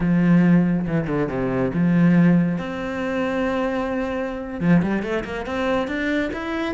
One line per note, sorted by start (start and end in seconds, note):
0.00 0.86 F3
0.87 1.07 E3
1.07 1.28 D3
1.28 1.71 C3
1.73 2.58 F3
2.58 4.60 C4
4.60 4.82 F3
4.82 5.02 G3
5.02 5.24 A3
5.24 5.45 A#3
5.45 5.87 C4
5.87 6.30 D4
6.33 6.74 E4